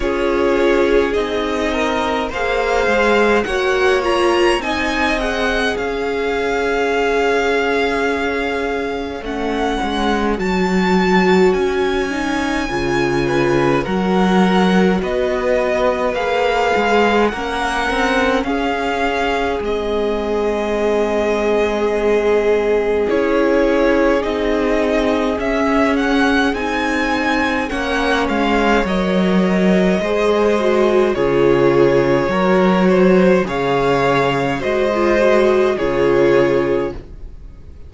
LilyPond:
<<
  \new Staff \with { instrumentName = "violin" } { \time 4/4 \tempo 4 = 52 cis''4 dis''4 f''4 fis''8 ais''8 | gis''8 fis''8 f''2. | fis''4 a''4 gis''2 | fis''4 dis''4 f''4 fis''4 |
f''4 dis''2. | cis''4 dis''4 e''8 fis''8 gis''4 | fis''8 f''8 dis''2 cis''4~ | cis''4 f''4 dis''4 cis''4 | }
  \new Staff \with { instrumentName = "violin" } { \time 4/4 gis'4. ais'8 c''4 cis''4 | dis''4 cis''2.~ | cis''2.~ cis''8 b'8 | ais'4 b'2 ais'4 |
gis'1~ | gis'1 | cis''2 c''4 gis'4 | ais'8 c''8 cis''4 c''4 gis'4 | }
  \new Staff \with { instrumentName = "viola" } { \time 4/4 f'4 dis'4 gis'4 fis'8 f'8 | dis'8 gis'2.~ gis'8 | cis'4 fis'4. dis'8 f'4 | fis'2 gis'4 cis'4~ |
cis'4 c'2. | e'4 dis'4 cis'4 dis'4 | cis'4 ais'4 gis'8 fis'8 f'4 | fis'4 gis'4 fis'16 f'16 fis'8 f'4 | }
  \new Staff \with { instrumentName = "cello" } { \time 4/4 cis'4 c'4 ais8 gis8 ais4 | c'4 cis'2. | a8 gis8 fis4 cis'4 cis4 | fis4 b4 ais8 gis8 ais8 c'8 |
cis'4 gis2. | cis'4 c'4 cis'4 c'4 | ais8 gis8 fis4 gis4 cis4 | fis4 cis4 gis4 cis4 | }
>>